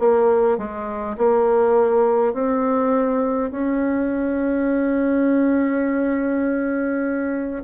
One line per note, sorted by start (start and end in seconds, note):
0.00 0.58 A#3
0.58 1.17 G#3
1.18 2.34 A#3
2.34 3.52 C4
3.52 7.64 C#4